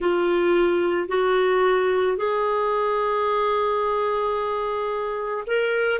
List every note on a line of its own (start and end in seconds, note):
0.00 1.08 F4
1.08 2.17 F#4
2.17 5.44 G#4
5.46 5.99 A#4